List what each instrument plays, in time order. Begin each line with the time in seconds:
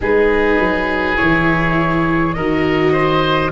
0.01 tuba G#3, viola D#4, oboe G#4, flute B4
0.58 tuba F#3
1.15 tuba E3, viola E4, flute C#5
2.33 tuba D#3, viola F#4, oboe A#4, flute D#5
2.92 oboe C5